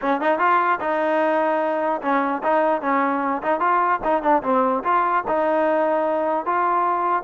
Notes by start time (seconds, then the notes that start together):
0.01 C#4
0.21 D#4
0.39 F4
0.80 D#4
2.01 C#4
2.43 D#4
2.81 C#4
3.42 D#4
3.59 F4
4.04 D#4
4.22 D4
4.42 C4
4.83 F4
5.27 D#4
6.45 F4